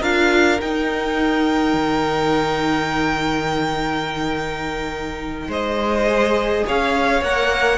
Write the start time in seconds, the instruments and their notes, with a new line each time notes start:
0.00 cello D4, viola F4, violin A#4 F5
0.60 viola D#4, cello D#4, violin G5
1.74 cello D#3
5.48 cello G#3, violin C5 D#5
6.08 viola G#4
6.67 cello C#4, violin C#5 F5
7.22 cello A#3, viola A#4, violin F#5